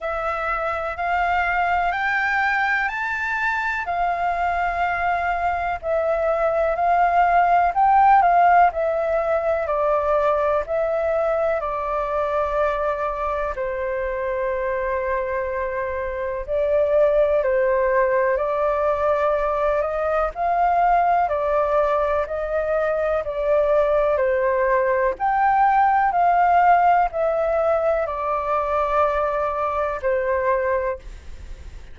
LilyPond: \new Staff \with { instrumentName = "flute" } { \time 4/4 \tempo 4 = 62 e''4 f''4 g''4 a''4 | f''2 e''4 f''4 | g''8 f''8 e''4 d''4 e''4 | d''2 c''2~ |
c''4 d''4 c''4 d''4~ | d''8 dis''8 f''4 d''4 dis''4 | d''4 c''4 g''4 f''4 | e''4 d''2 c''4 | }